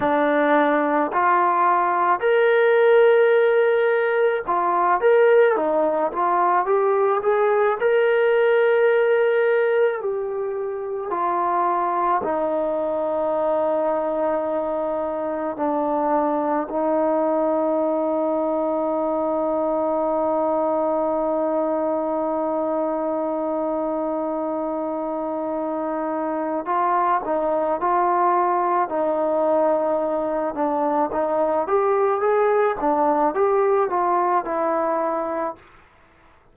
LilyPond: \new Staff \with { instrumentName = "trombone" } { \time 4/4 \tempo 4 = 54 d'4 f'4 ais'2 | f'8 ais'8 dis'8 f'8 g'8 gis'8 ais'4~ | ais'4 g'4 f'4 dis'4~ | dis'2 d'4 dis'4~ |
dis'1~ | dis'1 | f'8 dis'8 f'4 dis'4. d'8 | dis'8 g'8 gis'8 d'8 g'8 f'8 e'4 | }